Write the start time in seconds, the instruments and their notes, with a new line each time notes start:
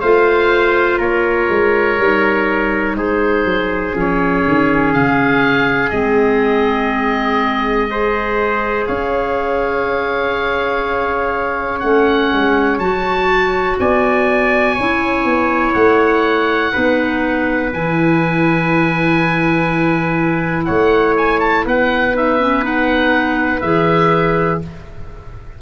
0.00 tuba A3, clarinet F4, trumpet C5, oboe F5
0.99 tuba A#3, trumpet A#4, oboe C#5
1.50 tuba G#3
1.99 tuba G3, clarinet D#4
2.96 tuba G#3, trumpet G#4, oboe C5
3.45 tuba F#3
3.94 tuba F3, clarinet C#4, oboe C#5
4.47 tuba D#3
4.94 tuba C#3, oboe F5
5.90 tuba G#3, clarinet C4, oboe D#5
7.89 clarinet G#4, trumpet C5
8.87 tuba C#4, trumpet C#5, oboe F5
11.80 tuba A3, clarinet C#4, oboe F#5
12.33 tuba G#3
12.79 tuba F#3, clarinet F#4, oboe A5
13.80 tuba B3, trumpet D5, oboe G#5
14.75 tuba C#4, clarinet E4, trumpet C#5
15.25 tuba B3
15.74 tuba A3, oboe F#5
16.73 tuba B3, clarinet D#4, trumpet B4
17.74 tuba E3, clarinet E4, oboe G#5
20.66 tuba A3, trumpet C#5, oboe F#5
21.18 oboe G#5
21.40 oboe A5
21.66 tuba B3, trumpet B4, oboe F#5
22.14 clarinet D#4, oboe E5
22.40 clarinet C#4
22.63 clarinet D#4, oboe F#5
23.62 tuba E3, clarinet G#4, oboe E5